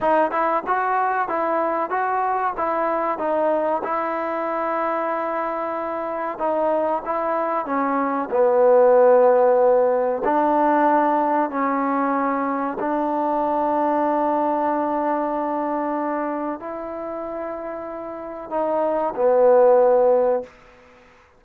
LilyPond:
\new Staff \with { instrumentName = "trombone" } { \time 4/4 \tempo 4 = 94 dis'8 e'8 fis'4 e'4 fis'4 | e'4 dis'4 e'2~ | e'2 dis'4 e'4 | cis'4 b2. |
d'2 cis'2 | d'1~ | d'2 e'2~ | e'4 dis'4 b2 | }